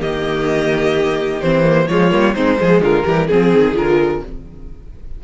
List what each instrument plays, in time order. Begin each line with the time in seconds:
0.00 cello D#3, viola A#3, violin G4 D#5
1.41 cello E3, viola C4, violin C5
1.63 viola A#3
1.88 cello F3, viola G#3, violin F4 C#5
2.11 cello G3, viola A#3
2.34 cello G#3, viola C4, violin D#4 C5
2.57 cello F3, viola G#3, violin G#4
2.80 cello D3, violin F4 A#4
3.04 cello E3, viola G3, violin G4
3.27 cello F3, viola C4, violin G#4
3.54 cello D#3
3.74 cello D3, viola F4, violin A#4